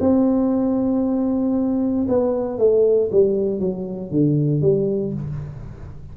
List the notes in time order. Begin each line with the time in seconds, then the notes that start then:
0.00 C4
2.09 B3
2.59 A3
3.12 G3
3.59 F#3
4.11 D3
4.62 G3